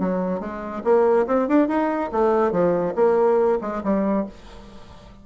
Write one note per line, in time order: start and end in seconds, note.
0.00 0.40 F#3
0.40 0.83 G#3
0.84 1.27 A#3
1.27 1.48 C4
1.48 1.68 D4
1.68 2.11 D#4
2.13 2.52 A3
2.52 2.95 F3
2.96 3.59 A#3
3.62 3.83 G#3
3.84 4.26 G3